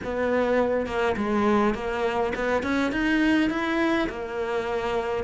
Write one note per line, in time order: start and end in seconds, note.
0.03 0.86 B3
0.86 1.15 A#3
1.16 1.74 G#3
1.74 2.32 A#3
2.35 2.62 B3
2.62 2.92 C#4
2.92 3.50 D#4
3.50 4.08 E4
4.09 5.23 A#3